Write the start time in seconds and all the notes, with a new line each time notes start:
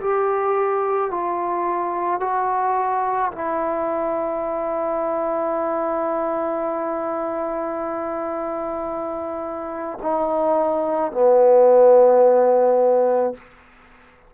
0.00 G4
1.11 F4
2.20 F#4
3.32 E4
10.02 D#4
11.12 B3